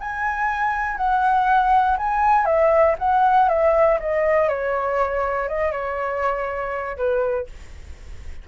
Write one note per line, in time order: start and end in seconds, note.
0.00 0.97 G#5
0.97 1.97 F#5
1.97 2.45 G#5
2.45 2.95 E5
2.99 3.49 F#5
3.49 3.99 E5
4.00 4.49 D#5
4.49 5.48 C#5
5.48 5.72 D#5
5.72 6.97 C#5
6.97 7.47 B4